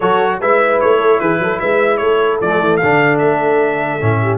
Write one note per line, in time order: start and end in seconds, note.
0.00 0.41 F#3
0.00 0.41 F#4
0.00 0.40 A4
0.00 0.40 C#5
0.40 0.81 G#3
0.40 2.42 E4
0.40 0.98 B4
0.40 0.80 E5
0.80 1.20 A3
0.80 1.19 C#5
0.98 1.18 A4
1.19 1.39 E3
1.19 1.40 G#4
1.19 1.59 B4
1.39 1.59 F#3
1.39 1.60 A4
1.59 2.00 G#3
1.59 2.00 B4
1.59 1.97 E5
1.97 2.40 A3
1.97 4.22 A4
1.97 2.37 C#5
2.41 2.60 F3
2.41 2.82 A3
2.41 2.77 D5
2.60 2.80 E3
2.77 3.17 F5
2.83 3.21 D3
2.83 4.00 D4
3.18 4.01 A3
3.18 4.38 E5
4.00 4.38 A2
4.00 4.38 C#4
4.22 4.38 G4